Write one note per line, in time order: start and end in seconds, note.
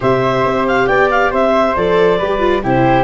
0.00 0.44 C3
0.00 1.75 G4
0.00 0.87 C5
0.00 0.67 E5
0.44 0.88 C4
0.67 0.87 F5
0.87 1.32 B3
0.87 1.31 D5
0.87 1.09 G5
1.10 1.32 F5
1.31 1.76 C4
1.31 2.18 C5
1.31 1.76 E5
1.76 2.20 F3
1.76 2.20 A4
1.76 2.63 D5
2.18 2.64 G3
2.18 2.39 G4
2.18 2.61 B4
2.39 2.61 F4
2.63 3.04 C3
2.63 3.04 E4
2.63 3.04 G4
2.63 3.04 C5